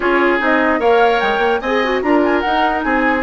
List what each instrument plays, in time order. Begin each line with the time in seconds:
0.00 bassoon C#4, clarinet F4, oboe G#4, flute C#5
0.39 bassoon C4, clarinet D#4, flute D#5
0.79 bassoon A#3, clarinet A#4, oboe C#5, flute F5
1.20 bassoon G#3, flute G5
1.38 bassoon A#3
1.60 bassoon C4, oboe D#5, flute G#5
1.66 clarinet G#4
1.84 clarinet F#4
2.02 bassoon D4, clarinet F4, oboe A#4, flute A#5
2.23 flute G#5
2.41 clarinet D#4, bassoon D#4, flute F#5
2.82 bassoon C4, oboe G#4, flute G#5